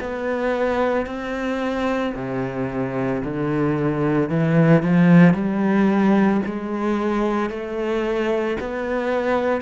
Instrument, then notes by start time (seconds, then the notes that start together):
cello
0.00 B3
1.06 C4
2.15 C3
3.24 D3
4.29 E3
4.83 F3
5.34 G3
6.46 G#3
7.50 A3
8.60 B3